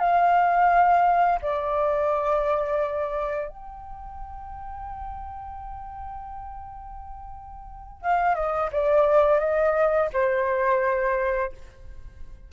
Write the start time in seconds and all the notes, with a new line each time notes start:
0.00 F5
1.43 D5
3.49 G5
8.02 F5
8.35 D#5
8.73 D5
9.40 D#5
10.14 C5